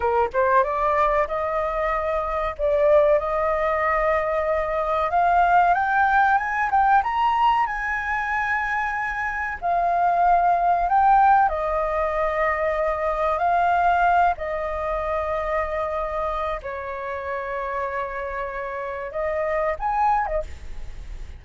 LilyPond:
\new Staff \with { instrumentName = "flute" } { \time 4/4 \tempo 4 = 94 ais'8 c''8 d''4 dis''2 | d''4 dis''2. | f''4 g''4 gis''8 g''8 ais''4 | gis''2. f''4~ |
f''4 g''4 dis''2~ | dis''4 f''4. dis''4.~ | dis''2 cis''2~ | cis''2 dis''4 gis''8. dis''16 | }